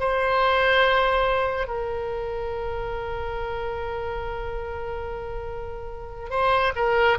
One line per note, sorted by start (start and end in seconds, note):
0.00 1.67 C5
1.67 6.30 A#4
6.30 6.73 C5
6.76 7.18 A#4